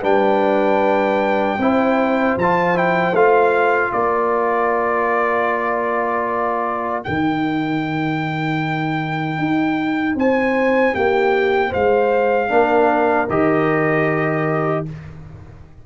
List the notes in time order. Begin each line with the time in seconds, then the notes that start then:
0.00 G3 D4 B4 G5
1.58 C4 E4 C5
2.36 F3 F4 A5
2.75 E4 G5
3.12 A3 F4 F5
3.93 A#3 A#4 D5
7.04 D#3 D#4 G5
9.38 D#4
10.15 C4 C5 G#5
10.94 A#3 G4 G5
11.69 C5 F5
11.75 G#3
12.49 A#3 D4 A#4
13.29 D#3 G4 D#5